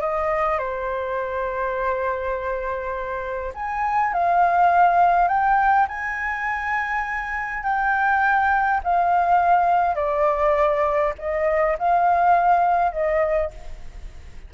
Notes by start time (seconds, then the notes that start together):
0.00 D#5
0.58 C5
3.54 G#5
4.13 F5
5.28 G5
5.88 G#5
7.63 G5
8.83 F5
9.95 D5
11.18 D#5
11.78 F5
12.92 D#5